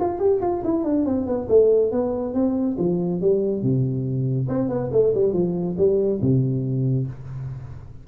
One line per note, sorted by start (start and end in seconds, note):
0.00 0.19 F4
0.19 0.41 G4
0.41 0.63 F4
0.64 0.84 E4
0.84 1.05 D4
1.05 1.26 C4
1.26 1.48 B3
1.49 1.91 A3
1.91 2.34 B3
2.34 2.77 C4
2.78 3.21 F3
3.21 3.62 G3
3.62 4.48 C3
4.48 4.69 C4
4.69 4.90 B3
4.92 5.13 A3
5.14 5.33 G3
5.33 5.76 F3
5.78 6.20 G3
6.21 7.07 C3